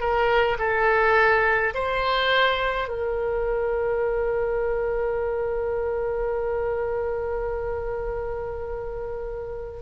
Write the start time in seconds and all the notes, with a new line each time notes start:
0.00 A#4
0.59 A4
1.75 C5
2.88 A#4